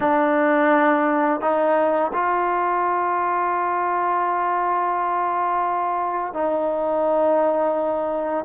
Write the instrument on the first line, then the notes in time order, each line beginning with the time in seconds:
trombone
0.00 D4
1.41 D#4
2.13 F4
6.33 D#4